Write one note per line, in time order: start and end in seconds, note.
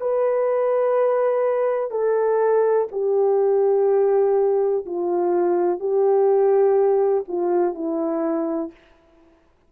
0.00 1.91 B4
1.91 2.88 A4
2.92 4.85 G4
4.85 5.79 F4
5.79 7.24 G4
7.28 7.74 F4
7.74 8.71 E4